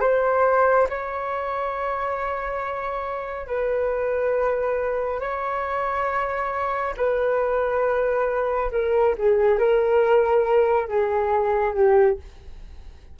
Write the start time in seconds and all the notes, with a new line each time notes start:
0.00 C5
0.89 C#5
3.47 B4
5.20 C#5
6.97 B4
8.71 A#4
9.18 G#4
9.58 A#4
10.88 G#4
11.74 G4